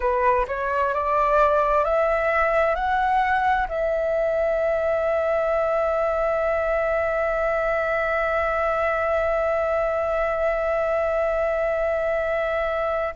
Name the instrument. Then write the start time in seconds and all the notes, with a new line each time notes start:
flute
0.00 B4
0.47 C#5
0.94 D5
1.84 E5
2.75 F#5
3.68 E5